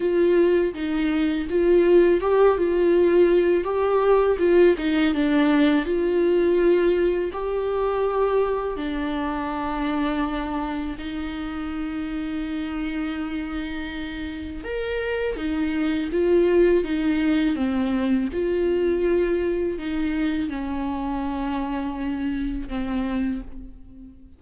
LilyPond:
\new Staff \with { instrumentName = "viola" } { \time 4/4 \tempo 4 = 82 f'4 dis'4 f'4 g'8 f'8~ | f'4 g'4 f'8 dis'8 d'4 | f'2 g'2 | d'2. dis'4~ |
dis'1 | ais'4 dis'4 f'4 dis'4 | c'4 f'2 dis'4 | cis'2. c'4 | }